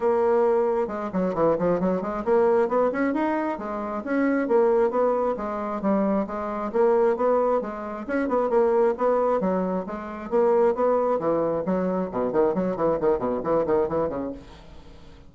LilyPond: \new Staff \with { instrumentName = "bassoon" } { \time 4/4 \tempo 4 = 134 ais2 gis8 fis8 e8 f8 | fis8 gis8 ais4 b8 cis'8 dis'4 | gis4 cis'4 ais4 b4 | gis4 g4 gis4 ais4 |
b4 gis4 cis'8 b8 ais4 | b4 fis4 gis4 ais4 | b4 e4 fis4 b,8 dis8 | fis8 e8 dis8 b,8 e8 dis8 e8 cis8 | }